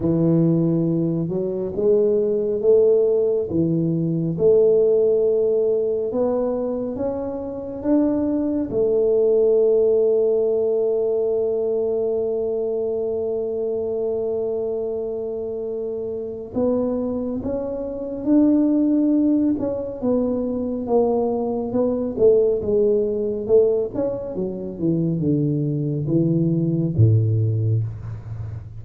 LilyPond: \new Staff \with { instrumentName = "tuba" } { \time 4/4 \tempo 4 = 69 e4. fis8 gis4 a4 | e4 a2 b4 | cis'4 d'4 a2~ | a1~ |
a2. b4 | cis'4 d'4. cis'8 b4 | ais4 b8 a8 gis4 a8 cis'8 | fis8 e8 d4 e4 a,4 | }